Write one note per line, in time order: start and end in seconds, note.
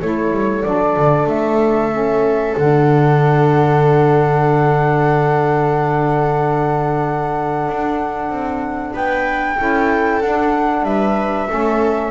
0.00 0.31 A3
0.00 0.63 E4
0.00 8.93 A4
0.00 0.62 C#5
0.31 0.63 G3
0.62 0.96 F#3
0.62 1.90 D4
0.62 1.26 D5
0.96 1.26 D3
1.26 2.54 A3
1.26 2.56 E5
1.90 2.54 C#4
2.56 7.67 D3
2.56 9.57 D4
2.56 8.95 F#5
7.67 8.29 D4
8.29 8.93 C4
8.93 9.57 B3
8.93 9.57 B4
8.93 10.21 G5
9.57 10.21 C#4
9.57 10.21 E4
9.57 10.85 A4
10.21 10.82 D4
10.21 11.48 D4
10.21 10.85 F#5
10.82 11.46 G3
10.82 11.48 B4
10.82 12.11 E5
11.48 12.11 A3
11.48 12.11 C#4
11.48 12.11 A4